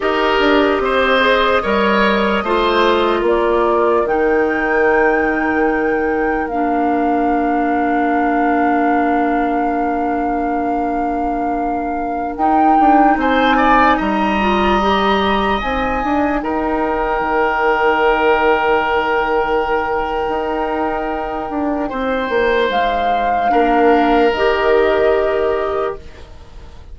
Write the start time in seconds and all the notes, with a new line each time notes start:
0.00 D#4 G4 A#4 D#5
0.39 D4
0.79 C4 C5
1.20 G#4
1.62 G3 A#4 C#5
2.42 A3 F4 C5
3.19 A#3 A#4
3.27 D5
4.04 D#3 D#4 G5
6.47 A#3 D4 F5
12.36 D#4 G5
12.80 D4
13.16 C4 C5 G#5
13.57 D5
13.97 G3 D#5 A#5
14.40 F4
14.81 G4
15.60 C4 D#4 G#5
16.03 D4
16.41 D#4 A#4 G5
17.20 D#3
20.29 D#4
21.49 D4
21.89 C4 C5
22.29 A#3
22.69 G#3 F5
23.48 A#3 D4 A#4
24.32 D#3 G4 D#5